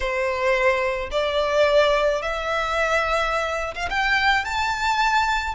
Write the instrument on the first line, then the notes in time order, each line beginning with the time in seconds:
violin
0.00 C5
1.11 D5
2.21 E5
3.74 F5
3.90 G5
4.44 A5